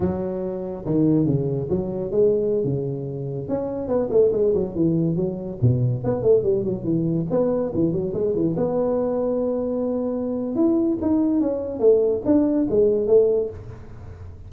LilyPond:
\new Staff \with { instrumentName = "tuba" } { \time 4/4 \tempo 4 = 142 fis2 dis4 cis4 | fis4 gis4~ gis16 cis4.~ cis16~ | cis16 cis'4 b8 a8 gis8 fis8 e8.~ | e16 fis4 b,4 b8 a8 g8 fis16~ |
fis16 e4 b4 e8 fis8 gis8 e16~ | e16 b2.~ b8.~ | b4 e'4 dis'4 cis'4 | a4 d'4 gis4 a4 | }